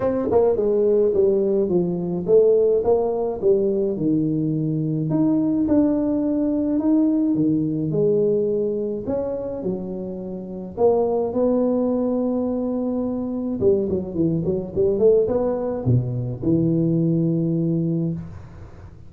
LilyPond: \new Staff \with { instrumentName = "tuba" } { \time 4/4 \tempo 4 = 106 c'8 ais8 gis4 g4 f4 | a4 ais4 g4 dis4~ | dis4 dis'4 d'2 | dis'4 dis4 gis2 |
cis'4 fis2 ais4 | b1 | g8 fis8 e8 fis8 g8 a8 b4 | b,4 e2. | }